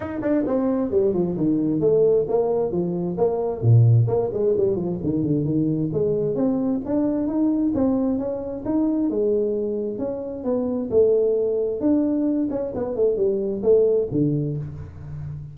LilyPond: \new Staff \with { instrumentName = "tuba" } { \time 4/4 \tempo 4 = 132 dis'8 d'8 c'4 g8 f8 dis4 | a4 ais4 f4 ais4 | ais,4 ais8 gis8 g8 f8 dis8 d8 | dis4 gis4 c'4 d'4 |
dis'4 c'4 cis'4 dis'4 | gis2 cis'4 b4 | a2 d'4. cis'8 | b8 a8 g4 a4 d4 | }